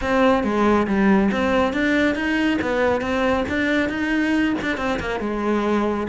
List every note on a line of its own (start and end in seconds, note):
0.01 0.43 C4
0.43 0.87 G#3
0.87 1.30 G3
1.31 1.73 C4
1.73 2.15 D4
2.15 2.58 D#4
2.61 3.01 B3
3.01 3.44 C4
3.48 3.89 D4
3.89 4.54 D#4
4.61 4.77 D4
4.77 4.99 C4
4.99 5.20 A#3
5.20 6.07 G#3